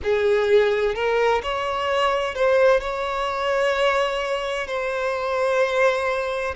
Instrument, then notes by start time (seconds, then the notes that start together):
violin
0.03 G#4
0.94 A#4
1.43 C#5
2.34 C5
2.80 C#5
4.67 C5